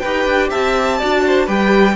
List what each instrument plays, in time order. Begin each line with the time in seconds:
0.00 cello D#4, viola G4, violin B4 G5
0.26 cello D4
0.50 cello C4, violin E5 A5
0.99 cello D4, viola F#4, violin D5
1.27 violin C5
1.46 cello G3, viola G4, violin B4 G5